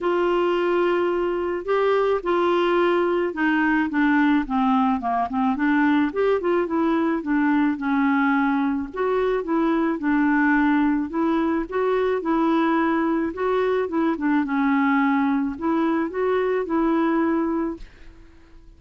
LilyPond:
\new Staff \with { instrumentName = "clarinet" } { \time 4/4 \tempo 4 = 108 f'2. g'4 | f'2 dis'4 d'4 | c'4 ais8 c'8 d'4 g'8 f'8 | e'4 d'4 cis'2 |
fis'4 e'4 d'2 | e'4 fis'4 e'2 | fis'4 e'8 d'8 cis'2 | e'4 fis'4 e'2 | }